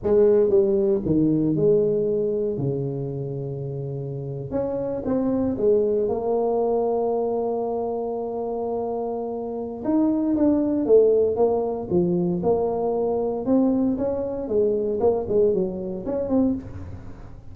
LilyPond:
\new Staff \with { instrumentName = "tuba" } { \time 4/4 \tempo 4 = 116 gis4 g4 dis4 gis4~ | gis4 cis2.~ | cis8. cis'4 c'4 gis4 ais16~ | ais1~ |
ais2. dis'4 | d'4 a4 ais4 f4 | ais2 c'4 cis'4 | gis4 ais8 gis8 fis4 cis'8 c'8 | }